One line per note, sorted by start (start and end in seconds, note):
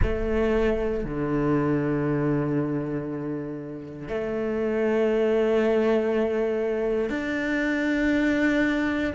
0.02 1.04 A3
1.04 4.08 D3
4.08 7.09 A3
7.09 9.12 D4